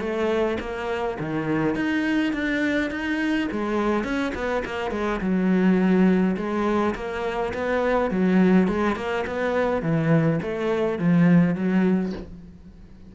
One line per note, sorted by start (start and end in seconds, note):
0.00 0.58 A3
0.60 1.18 A#3
1.19 1.75 D#3
1.75 2.33 D#4
2.33 2.91 D4
2.91 3.48 D#4
3.51 4.04 G#3
4.04 4.33 C#4
4.35 4.63 B3
4.65 4.91 A#3
4.91 5.20 G#3
5.21 6.36 F#3
6.37 6.95 G#3
6.95 7.53 A#3
7.54 8.11 B3
8.11 8.68 F#3
8.68 8.96 G#3
8.96 9.25 A#3
9.26 9.82 B3
9.82 10.40 E3
10.42 10.99 A3
10.99 11.55 F3
11.55 12.13 F#3